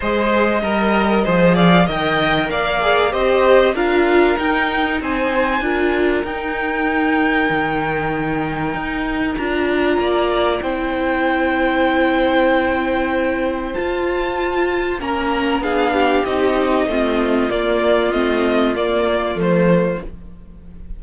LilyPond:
<<
  \new Staff \with { instrumentName = "violin" } { \time 4/4 \tempo 4 = 96 dis''2~ dis''8 f''8 g''4 | f''4 dis''4 f''4 g''4 | gis''2 g''2~ | g''2. ais''4~ |
ais''4 g''2.~ | g''2 a''2 | ais''4 f''4 dis''2 | d''4 dis''4 d''4 c''4 | }
  \new Staff \with { instrumentName = "violin" } { \time 4/4 c''4 ais'4 c''8 d''8 dis''4 | d''4 c''4 ais'2 | c''4 ais'2.~ | ais'1 |
d''4 c''2.~ | c''1 | ais'4 gis'8 g'4. f'4~ | f'1 | }
  \new Staff \with { instrumentName = "viola" } { \time 4/4 gis'4 ais'4 gis'4 ais'4~ | ais'8 gis'8 g'4 f'4 dis'4~ | dis'4 f'4 dis'2~ | dis'2. f'4~ |
f'4 e'2.~ | e'2 f'2 | cis'4 d'4 dis'4 c'4 | ais4 c'4 ais4 a4 | }
  \new Staff \with { instrumentName = "cello" } { \time 4/4 gis4 g4 f4 dis4 | ais4 c'4 d'4 dis'4 | c'4 d'4 dis'2 | dis2 dis'4 d'4 |
ais4 c'2.~ | c'2 f'2 | ais4 b4 c'4 a4 | ais4 a4 ais4 f4 | }
>>